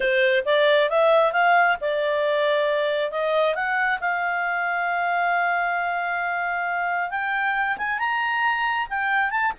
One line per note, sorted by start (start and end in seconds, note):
0.00 0.43 C5
0.45 0.89 D5
0.89 1.32 E5
1.32 1.77 F5
1.80 3.11 D5
3.11 3.54 D#5
3.54 3.99 F#5
4.00 7.10 F5
7.10 7.77 G5
7.77 7.98 G#5
7.98 8.87 A#5
8.89 9.30 G5
9.30 9.52 A5